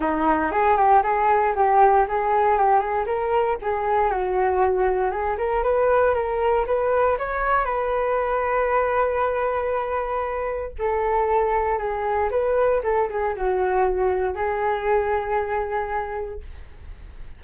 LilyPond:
\new Staff \with { instrumentName = "flute" } { \time 4/4 \tempo 4 = 117 dis'4 gis'8 g'8 gis'4 g'4 | gis'4 g'8 gis'8 ais'4 gis'4 | fis'2 gis'8 ais'8 b'4 | ais'4 b'4 cis''4 b'4~ |
b'1~ | b'4 a'2 gis'4 | b'4 a'8 gis'8 fis'2 | gis'1 | }